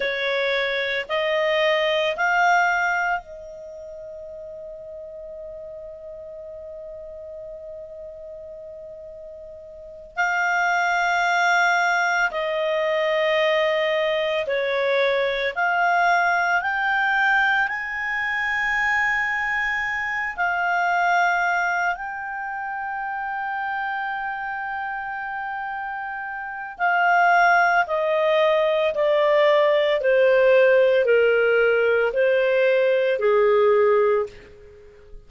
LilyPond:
\new Staff \with { instrumentName = "clarinet" } { \time 4/4 \tempo 4 = 56 cis''4 dis''4 f''4 dis''4~ | dis''1~ | dis''4. f''2 dis''8~ | dis''4. cis''4 f''4 g''8~ |
g''8 gis''2~ gis''8 f''4~ | f''8 g''2.~ g''8~ | g''4 f''4 dis''4 d''4 | c''4 ais'4 c''4 gis'4 | }